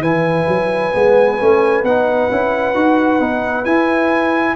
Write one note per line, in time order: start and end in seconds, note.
0.00 0.45 E3
0.00 0.92 E4
0.00 4.55 B4
0.00 1.84 G#5
0.48 0.93 F#3
0.92 1.40 G#3
0.92 1.38 B3
1.39 1.83 A3
1.39 1.84 C#4
1.83 2.28 B3
1.83 2.30 D#4
1.83 3.64 F#5
2.30 2.75 C#4
2.30 2.74 E4
2.74 3.20 D#4
2.74 3.19 F#4
3.19 3.65 B3
3.19 3.65 D#4
3.64 4.55 E4
3.64 4.55 G#5